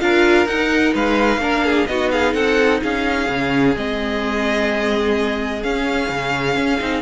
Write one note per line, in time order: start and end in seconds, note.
0.00 0.47 D4
0.00 0.47 F4
0.00 0.94 A#4
0.00 0.47 F5
0.47 0.94 D#4
0.47 1.41 D#4
0.47 0.94 F#5
0.94 1.38 G#3
0.94 1.41 B4
0.94 1.87 F5
1.38 1.85 A#3
1.38 1.88 D4
1.38 1.65 A#4
1.65 1.89 G#4
1.87 2.34 B3
1.87 3.27 D#4
1.87 2.12 F#4
1.87 2.10 D#5
2.12 2.34 G#4
2.12 2.34 F5
2.34 2.81 C4
2.34 2.81 A4
2.34 2.80 F#5
2.82 3.29 C#4
2.82 7.02 G#4
2.82 3.76 F5
3.27 3.76 C#3
3.27 3.74 C#4
3.76 5.64 G#3
3.76 5.63 C4
3.76 5.63 D#5
5.63 6.80 C#4
5.63 6.10 C#4
5.63 7.02 F5
6.10 6.56 C#3
6.56 6.80 C#4
6.80 7.02 C4
6.80 7.02 D#4